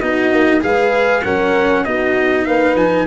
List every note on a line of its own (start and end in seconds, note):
0.00 0.32 B3
0.00 0.61 D#4
0.00 0.62 F#4
0.00 0.61 D#5
0.32 0.62 A#3
0.61 1.24 G#3
0.61 1.22 G#4
0.61 1.23 B4
0.61 1.23 F5
1.23 1.85 F#3
1.23 1.85 C#4
1.23 1.84 A#4
1.23 1.84 F#5
1.84 2.46 B3
1.84 3.06 D#4
1.84 2.46 F#4
1.84 2.45 D#5
2.45 2.75 A#3
2.45 3.06 B4
2.45 2.75 F5
2.75 3.05 F3
2.75 3.06 G#5